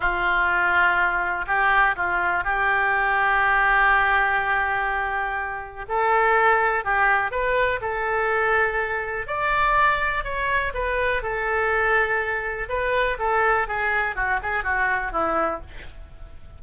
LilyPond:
\new Staff \with { instrumentName = "oboe" } { \time 4/4 \tempo 4 = 123 f'2. g'4 | f'4 g'2.~ | g'1 | a'2 g'4 b'4 |
a'2. d''4~ | d''4 cis''4 b'4 a'4~ | a'2 b'4 a'4 | gis'4 fis'8 gis'8 fis'4 e'4 | }